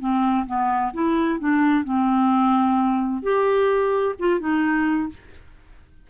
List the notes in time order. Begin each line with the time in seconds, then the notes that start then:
0.00 C4
0.47 B3
0.94 E4
1.40 D4
1.85 C4
3.23 G4
4.19 F4
4.40 D#4